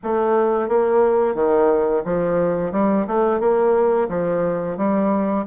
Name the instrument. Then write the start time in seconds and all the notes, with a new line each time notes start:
bassoon
0.03 A3
0.68 A#3
1.34 D#3
2.05 F3
2.72 G3
3.07 A3
3.40 A#3
4.08 F3
4.77 G3